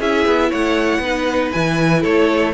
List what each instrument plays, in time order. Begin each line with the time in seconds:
0.00 cello C#4, viola E4, violin G#4 E5
0.26 cello B3
0.50 cello A3, violin C#5 F#5
0.99 cello B3, viola D#4, violin B4
1.51 cello E3, viola E4, violin G#5
2.01 cello A3, violin A4 C#5